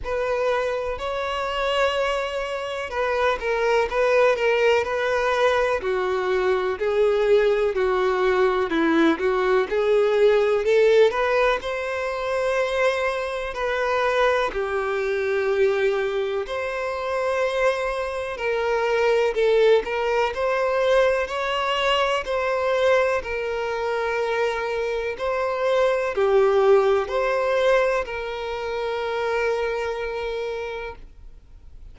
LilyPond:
\new Staff \with { instrumentName = "violin" } { \time 4/4 \tempo 4 = 62 b'4 cis''2 b'8 ais'8 | b'8 ais'8 b'4 fis'4 gis'4 | fis'4 e'8 fis'8 gis'4 a'8 b'8 | c''2 b'4 g'4~ |
g'4 c''2 ais'4 | a'8 ais'8 c''4 cis''4 c''4 | ais'2 c''4 g'4 | c''4 ais'2. | }